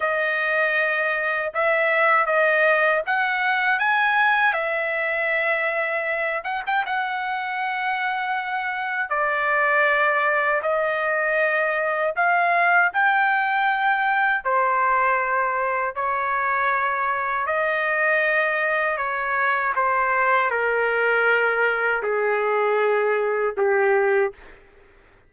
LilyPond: \new Staff \with { instrumentName = "trumpet" } { \time 4/4 \tempo 4 = 79 dis''2 e''4 dis''4 | fis''4 gis''4 e''2~ | e''8 fis''16 g''16 fis''2. | d''2 dis''2 |
f''4 g''2 c''4~ | c''4 cis''2 dis''4~ | dis''4 cis''4 c''4 ais'4~ | ais'4 gis'2 g'4 | }